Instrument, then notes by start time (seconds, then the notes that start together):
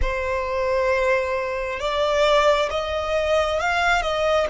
violin
0.01 C5
1.79 D5
2.70 D#5
3.60 F5
4.02 D#5